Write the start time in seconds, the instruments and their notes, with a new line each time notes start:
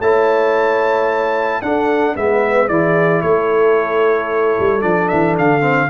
0.00 tuba A3, trombone E4, horn C#5, trumpet A5
1.62 tuba D4, trombone D4, horn A4, trumpet F#5
2.15 tuba G#3, trombone B3, horn B4, trumpet E5
2.68 tuba E3, trombone E4, horn G#4, trumpet D5
3.22 tuba A3, horn A4, trumpet C#5
4.59 tuba G3
4.80 tuba F3, trombone D4, trumpet D5
5.08 tuba E3, trumpet E5
5.38 tuba D3, trumpet F5
5.61 trombone C4